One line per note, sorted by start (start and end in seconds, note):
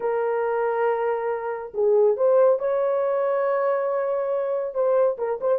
0.00 1.73 A#4
1.74 2.16 G#4
2.16 2.59 C5
2.59 4.74 C#5
4.74 5.17 C5
5.18 5.39 A#4
5.40 5.59 C5